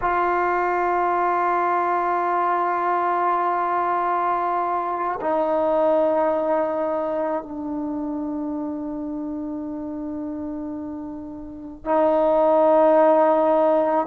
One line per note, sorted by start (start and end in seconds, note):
0.01 5.19 F4
5.20 7.42 D#4
7.42 11.85 D4
11.85 14.06 D#4